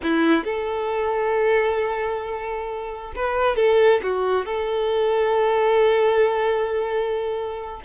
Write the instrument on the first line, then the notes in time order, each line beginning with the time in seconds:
violin
0.02 E4
0.44 A4
3.15 B4
3.56 A4
4.03 F#4
4.45 A4